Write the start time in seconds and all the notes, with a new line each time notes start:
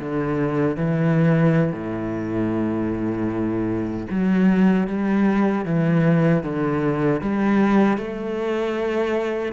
0.00 D3
0.77 E3
1.73 A2
4.11 F#3
4.88 G3
5.66 E3
6.44 D3
7.21 G3
7.98 A3